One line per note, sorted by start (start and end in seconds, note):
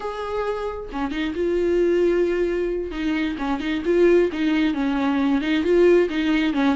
0.00 0.89 G#4
0.92 1.11 C#4
1.11 1.33 D#4
1.35 2.91 F4
2.91 3.36 D#4
3.38 3.60 C#4
3.60 3.82 D#4
3.85 4.30 F4
4.32 4.73 D#4
4.73 5.41 C#4
5.41 5.63 D#4
5.63 6.08 F4
6.09 6.53 D#4
6.53 6.75 C#4